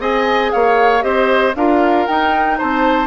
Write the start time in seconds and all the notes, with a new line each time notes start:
0.00 C4 G#4 D#5 G#5
0.52 A#3 C#5 F5
1.02 C4 G4 C5 D#5
1.55 D4 F4 A#4 F5
2.07 D#4 G5
2.58 C4 C5 A5